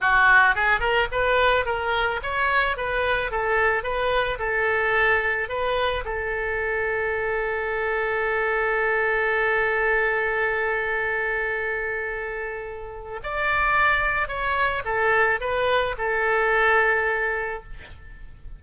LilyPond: \new Staff \with { instrumentName = "oboe" } { \time 4/4 \tempo 4 = 109 fis'4 gis'8 ais'8 b'4 ais'4 | cis''4 b'4 a'4 b'4 | a'2 b'4 a'4~ | a'1~ |
a'1~ | a'1 | d''2 cis''4 a'4 | b'4 a'2. | }